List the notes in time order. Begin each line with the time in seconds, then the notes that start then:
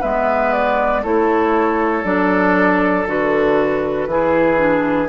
0.00 G#3 B3 B4 E5
0.53 D5
1.03 A3 E4 A4 C#5
2.04 F#3 D4 D5
3.07 D3 F#4 B4
4.07 E3 E4 G#4
4.58 D4